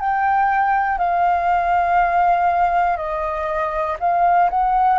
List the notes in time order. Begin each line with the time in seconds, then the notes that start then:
0.00 G5
0.98 F5
2.97 D#5
4.00 F5
4.50 F#5